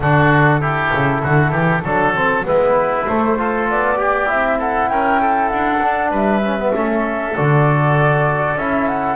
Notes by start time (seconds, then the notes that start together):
0.00 D3 D4 F#4 A4
0.60 E4 G4
0.92 C#3
1.23 D3 F#4
1.51 E3 G4
1.83 F#3 D4 A4
2.15 C4
2.44 G#3 B3 E4 B4
3.07 A3 C5
3.37 F4 A4
3.69 B3 D5
3.96 G4
4.26 C4 E4 E5
4.58 A4 F#5
4.89 C#4 A#4 G5
5.21 A4
5.48 D4 F#5
5.82 D4
6.10 G3 B4 E5
6.43 C#4
6.58 B3
6.74 A3 C#4 A4
7.35 D3 F#4 D5
8.55 C#4 E4 E5
8.87 F#5